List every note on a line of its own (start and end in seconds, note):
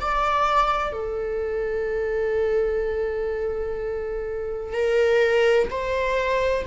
0.00 0.93 D5
0.93 4.73 A4
4.73 5.68 A#4
5.71 6.66 C5